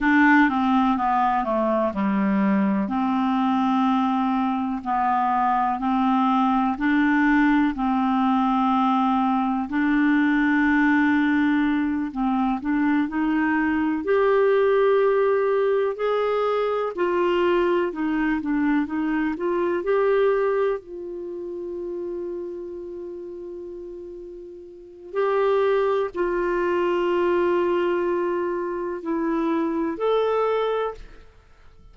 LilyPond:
\new Staff \with { instrumentName = "clarinet" } { \time 4/4 \tempo 4 = 62 d'8 c'8 b8 a8 g4 c'4~ | c'4 b4 c'4 d'4 | c'2 d'2~ | d'8 c'8 d'8 dis'4 g'4.~ |
g'8 gis'4 f'4 dis'8 d'8 dis'8 | f'8 g'4 f'2~ f'8~ | f'2 g'4 f'4~ | f'2 e'4 a'4 | }